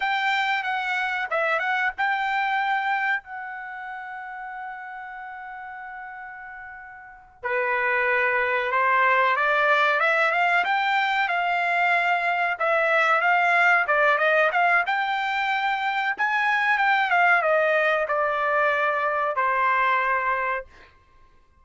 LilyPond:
\new Staff \with { instrumentName = "trumpet" } { \time 4/4 \tempo 4 = 93 g''4 fis''4 e''8 fis''8 g''4~ | g''4 fis''2.~ | fis''2.~ fis''8 b'8~ | b'4. c''4 d''4 e''8 |
f''8 g''4 f''2 e''8~ | e''8 f''4 d''8 dis''8 f''8 g''4~ | g''4 gis''4 g''8 f''8 dis''4 | d''2 c''2 | }